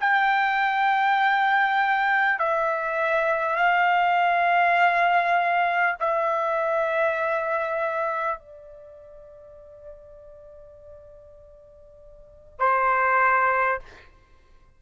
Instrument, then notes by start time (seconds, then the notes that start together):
trumpet
0.00 G5
2.39 E5
3.56 F5
6.00 E5
8.39 D5
12.59 C5